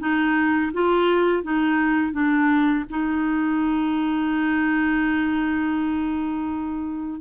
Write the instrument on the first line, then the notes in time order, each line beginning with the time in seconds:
clarinet
0.00 D#4
0.74 F4
1.44 D#4
2.13 D4
2.90 D#4